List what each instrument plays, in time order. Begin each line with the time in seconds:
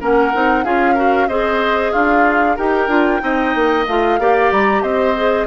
0.00 bassoon A#3, clarinet C#4, oboe A#4, flute F#5
0.33 bassoon C4, clarinet D#4
0.64 bassoon C#4, clarinet F4, oboe G#4, flute F5
0.94 clarinet F#4, oboe A#4
1.28 bassoon C4, clarinet G#4, oboe C5, flute D#5
1.92 bassoon D4, oboe F4, flute F5
2.56 bassoon D#4, clarinet G4, oboe A#4, flute G5
2.87 bassoon D4, clarinet F4
3.20 bassoon C4, clarinet D#4, oboe D#5
3.54 bassoon A#3
3.87 bassoon A3, clarinet F4, flute F5
4.19 bassoon A#3, clarinet G4, oboe D5
4.51 bassoon G3, flute A#5
4.82 bassoon C4, oboe C5, flute D#5
5.16 clarinet G#4